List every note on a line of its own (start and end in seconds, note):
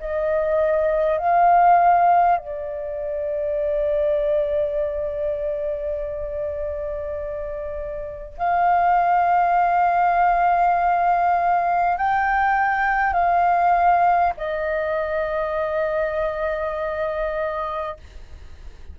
0.00 1.19 D#5
1.19 2.38 F5
2.38 8.38 D5
8.38 11.98 F5
11.98 13.13 G5
13.13 14.33 F5
14.37 17.97 D#5